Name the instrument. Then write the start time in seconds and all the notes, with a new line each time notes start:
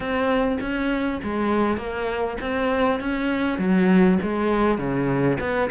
cello
0.00 C4
0.60 C#4
1.23 G#3
1.77 A#3
2.40 C4
3.00 C#4
3.58 F#3
4.22 G#3
4.78 C#3
5.39 B3